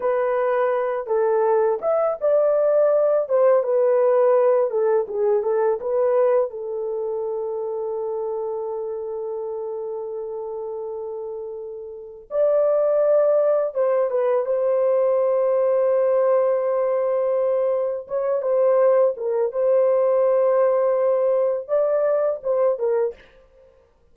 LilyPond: \new Staff \with { instrumentName = "horn" } { \time 4/4 \tempo 4 = 83 b'4. a'4 e''8 d''4~ | d''8 c''8 b'4. a'8 gis'8 a'8 | b'4 a'2.~ | a'1~ |
a'4 d''2 c''8 b'8 | c''1~ | c''4 cis''8 c''4 ais'8 c''4~ | c''2 d''4 c''8 ais'8 | }